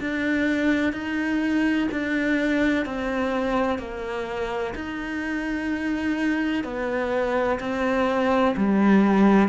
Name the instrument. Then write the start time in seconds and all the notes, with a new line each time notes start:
cello
0.00 D4
0.93 D#4
1.91 D4
2.85 C4
3.78 A#3
4.75 D#4
6.63 B3
7.60 C4
8.56 G3